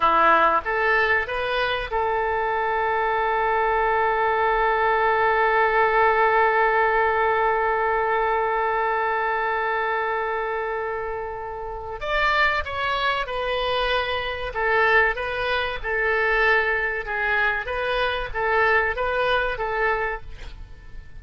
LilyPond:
\new Staff \with { instrumentName = "oboe" } { \time 4/4 \tempo 4 = 95 e'4 a'4 b'4 a'4~ | a'1~ | a'1~ | a'1~ |
a'2. d''4 | cis''4 b'2 a'4 | b'4 a'2 gis'4 | b'4 a'4 b'4 a'4 | }